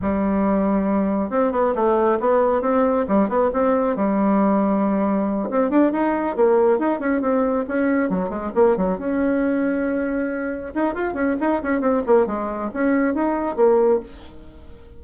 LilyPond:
\new Staff \with { instrumentName = "bassoon" } { \time 4/4 \tempo 4 = 137 g2. c'8 b8 | a4 b4 c'4 g8 b8 | c'4 g2.~ | g8 c'8 d'8 dis'4 ais4 dis'8 |
cis'8 c'4 cis'4 fis8 gis8 ais8 | fis8 cis'2.~ cis'8~ | cis'8 dis'8 f'8 cis'8 dis'8 cis'8 c'8 ais8 | gis4 cis'4 dis'4 ais4 | }